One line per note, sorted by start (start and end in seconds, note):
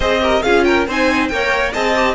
0.00 0.42 C4
0.00 0.21 G#4
0.00 0.21 C5
0.00 0.42 D#5
0.21 0.42 G4
0.21 0.43 A#4
0.42 0.87 C#4
0.42 0.88 F4
0.42 0.65 G#4
0.42 0.63 F5
0.64 0.87 A#4
0.64 0.85 G5
0.87 1.30 C4
0.87 1.31 D#4
0.87 1.30 C5
0.87 1.28 G#5
1.28 1.73 A#3
1.28 1.72 A#4
1.28 1.72 C#5
1.28 1.71 G5
1.72 2.14 C4
1.72 1.94 G#4
1.72 2.14 D#5
1.72 2.14 A5
1.95 2.14 G4